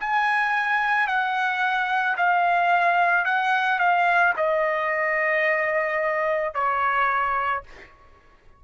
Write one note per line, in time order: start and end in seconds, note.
0.00 1.07 G#5
1.07 2.16 F#5
2.17 3.25 F5
3.25 3.79 F#5
3.79 4.33 F5
4.36 6.54 D#5
6.54 7.63 C#5